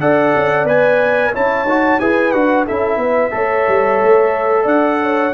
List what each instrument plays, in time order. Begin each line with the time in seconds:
0.00 tuba D4, trombone A4, horn D5, trumpet F#5
0.35 tuba C#4
0.64 tuba B3, trombone B4, trumpet G#5
1.33 tuba C#4, trombone E4, horn C#5, trumpet A5
1.64 tuba D#4, trombone F#4
2.00 tuba E4, trombone G#4, horn B4, trumpet G#5
2.32 tuba D4, trombone F#4, trumpet F#5
2.66 tuba C#4, trombone E4, horn A4, trumpet E5
2.97 tuba B3, horn B4
3.31 tuba A3, trombone A4, horn C#5
3.68 tuba G3
4.02 tuba A3
4.63 tuba D4, horn D5, trumpet F#5
5.02 horn C#5